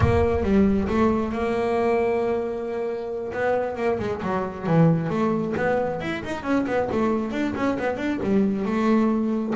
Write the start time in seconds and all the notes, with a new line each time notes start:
0.00 A#3
0.43 G3
0.88 A3
1.32 A#3
3.32 B3
3.76 A#3
3.99 G#3
4.22 F#3
4.66 E3
5.09 A3
5.56 B3
6.00 E4
6.24 D#4
6.43 C#4
6.66 B3
6.92 A3
7.31 D4
7.55 C#4
7.78 B3
7.97 D4
8.23 G3
8.65 A3